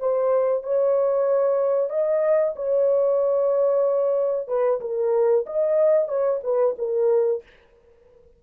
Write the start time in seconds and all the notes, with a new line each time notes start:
0.00 C5
0.64 C#5
1.90 D#5
2.56 C#5
4.48 B4
4.81 A#4
5.47 D#5
6.08 C#5
6.44 B4
6.79 A#4